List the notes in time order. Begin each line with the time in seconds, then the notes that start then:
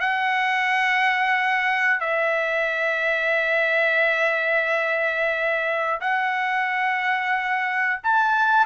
0.00 F#5
2.00 E5
6.00 F#5
8.03 A5